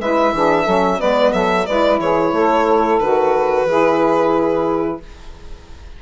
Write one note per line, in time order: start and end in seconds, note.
0.00 0.33 G#3
0.00 0.35 E4
0.00 0.34 B4
0.00 1.01 E5
0.33 0.67 E3
0.33 0.67 D4
0.33 0.63 G#4
0.63 1.00 F#3
0.63 1.00 C#4
0.63 0.97 A4
0.99 1.33 G#3
0.99 1.66 B3
0.99 1.33 B4
0.99 1.33 D5
1.33 1.67 F#3
1.33 1.67 A4
1.33 1.67 E5
1.67 1.99 G#3
1.67 3.01 E4
1.67 2.00 B4
1.67 2.00 D5
1.99 2.33 E3
1.99 2.34 G#4
1.99 3.00 C#5
2.33 3.00 A3
2.33 3.68 A4
3.00 3.66 D#3
3.00 3.68 F#4
3.00 5.00 B4
3.66 4.99 E3
3.66 5.02 E4
3.66 5.01 G#4